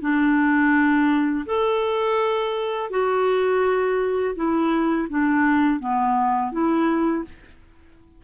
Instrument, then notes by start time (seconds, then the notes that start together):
clarinet
0.00 D4
1.45 A4
2.90 F#4
4.35 E4
5.09 D4
5.79 B3
6.51 E4